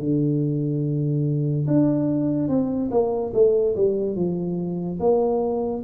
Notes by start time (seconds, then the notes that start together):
0.00 D3
1.67 D4
2.48 C4
2.91 A#3
3.34 A3
3.76 G3
4.16 F3
5.00 A#3